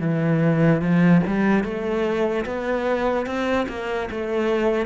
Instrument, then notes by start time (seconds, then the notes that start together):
cello
0.00 E3
0.81 F3
1.27 G3
1.64 A3
2.45 B3
3.26 C4
3.68 A#3
4.10 A3